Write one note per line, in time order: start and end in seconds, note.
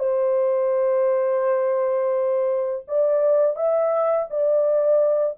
0.00 2.86 C5
2.88 3.56 D5
3.56 4.28 E5
4.31 5.38 D5